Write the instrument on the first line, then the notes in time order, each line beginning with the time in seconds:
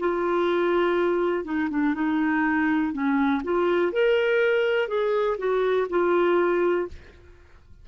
clarinet
0.00 F4
1.45 D#4
1.70 D4
1.94 D#4
2.93 C#4
3.44 F4
3.92 A#4
4.89 G#4
5.39 F#4
5.90 F4